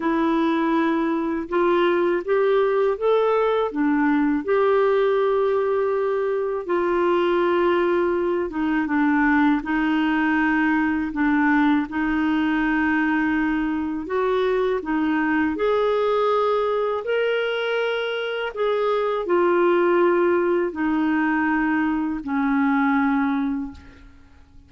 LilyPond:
\new Staff \with { instrumentName = "clarinet" } { \time 4/4 \tempo 4 = 81 e'2 f'4 g'4 | a'4 d'4 g'2~ | g'4 f'2~ f'8 dis'8 | d'4 dis'2 d'4 |
dis'2. fis'4 | dis'4 gis'2 ais'4~ | ais'4 gis'4 f'2 | dis'2 cis'2 | }